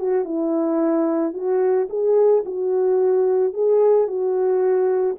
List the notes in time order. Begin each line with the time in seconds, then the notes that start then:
0.00 F#4
0.25 E4
1.34 F#4
1.90 G#4
2.46 F#4
3.54 G#4
4.08 F#4